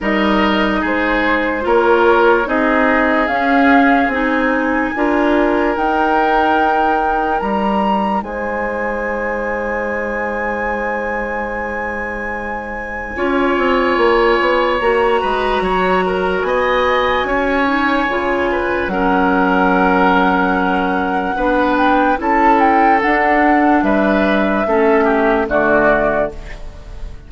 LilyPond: <<
  \new Staff \with { instrumentName = "flute" } { \time 4/4 \tempo 4 = 73 dis''4 c''4 cis''4 dis''4 | f''4 gis''2 g''4~ | g''4 ais''4 gis''2~ | gis''1~ |
gis''2 ais''2 | gis''2. fis''4~ | fis''2~ fis''8 g''8 a''8 g''8 | fis''4 e''2 d''4 | }
  \new Staff \with { instrumentName = "oboe" } { \time 4/4 ais'4 gis'4 ais'4 gis'4~ | gis'2 ais'2~ | ais'2 c''2~ | c''1 |
cis''2~ cis''8 b'8 cis''8 ais'8 | dis''4 cis''4. b'8 ais'4~ | ais'2 b'4 a'4~ | a'4 b'4 a'8 g'8 fis'4 | }
  \new Staff \with { instrumentName = "clarinet" } { \time 4/4 dis'2 f'4 dis'4 | cis'4 dis'4 f'4 dis'4~ | dis'1~ | dis'1 |
f'2 fis'2~ | fis'4. dis'8 f'4 cis'4~ | cis'2 d'4 e'4 | d'2 cis'4 a4 | }
  \new Staff \with { instrumentName = "bassoon" } { \time 4/4 g4 gis4 ais4 c'4 | cis'4 c'4 d'4 dis'4~ | dis'4 g4 gis2~ | gis1 |
cis'8 c'8 ais8 b8 ais8 gis8 fis4 | b4 cis'4 cis4 fis4~ | fis2 b4 cis'4 | d'4 g4 a4 d4 | }
>>